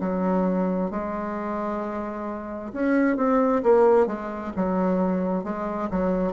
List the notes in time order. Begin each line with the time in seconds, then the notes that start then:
0.00 F#3
0.90 G#3
2.73 C#4
3.17 C4
3.63 A#3
4.07 G#3
4.56 F#3
5.43 G#3
5.90 F#3